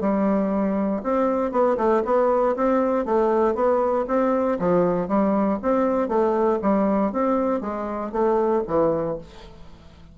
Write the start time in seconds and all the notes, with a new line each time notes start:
0.00 G3
1.03 C4
1.51 B3
1.77 A3
2.05 B3
2.56 C4
3.05 A3
3.55 B3
4.07 C4
4.59 F3
5.08 G3
5.62 C4
6.08 A3
6.62 G3
7.12 C4
7.61 G#3
8.11 A3
8.67 E3